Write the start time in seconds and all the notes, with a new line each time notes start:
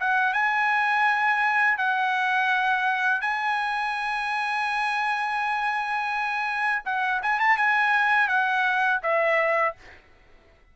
0.00 F#5
0.34 G#5
1.78 F#5
3.21 G#5
6.85 F#5
7.23 G#5
7.40 A5
7.57 G#5
8.28 F#5
9.03 E5